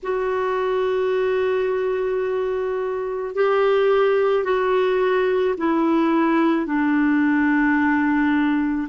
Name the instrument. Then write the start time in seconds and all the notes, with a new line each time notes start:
clarinet
0.03 F#4
3.34 G4
4.44 F#4
5.57 E4
6.66 D4